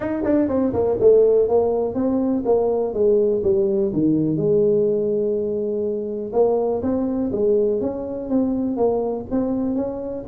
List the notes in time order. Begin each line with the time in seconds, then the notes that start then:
0.00 D#4
0.24 D4
0.48 C4
0.73 A#3
1.00 A3
1.48 A#3
1.94 C4
2.45 A#3
2.93 G#3
3.43 G3
3.93 D#3
4.36 G#3
6.32 A#3
6.82 C4
7.32 G#3
7.80 C#4
8.29 C4
8.76 A#3
9.30 C4
9.75 C#4